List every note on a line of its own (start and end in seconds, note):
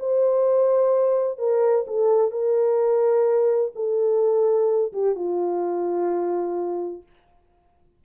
0.00 1.39 C5
1.39 1.86 A#4
1.87 2.31 A4
2.31 3.72 A#4
3.75 4.93 A4
4.93 5.16 G4
5.16 7.03 F4